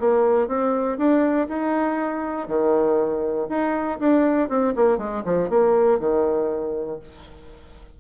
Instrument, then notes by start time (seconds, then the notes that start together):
bassoon
0.00 A#3
0.48 C4
0.98 D4
1.48 D#4
2.48 D#3
3.49 D#4
4.00 D4
4.49 C4
4.76 A#3
4.98 G#3
5.25 F3
5.50 A#3
6.00 D#3